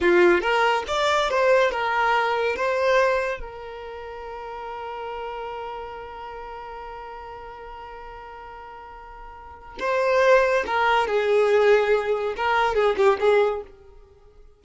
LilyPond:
\new Staff \with { instrumentName = "violin" } { \time 4/4 \tempo 4 = 141 f'4 ais'4 d''4 c''4 | ais'2 c''2 | ais'1~ | ais'1~ |
ais'1~ | ais'2. c''4~ | c''4 ais'4 gis'2~ | gis'4 ais'4 gis'8 g'8 gis'4 | }